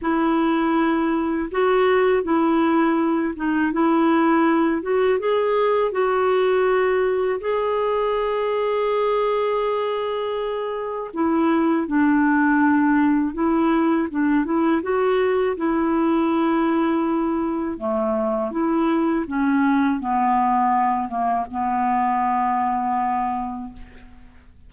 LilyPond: \new Staff \with { instrumentName = "clarinet" } { \time 4/4 \tempo 4 = 81 e'2 fis'4 e'4~ | e'8 dis'8 e'4. fis'8 gis'4 | fis'2 gis'2~ | gis'2. e'4 |
d'2 e'4 d'8 e'8 | fis'4 e'2. | a4 e'4 cis'4 b4~ | b8 ais8 b2. | }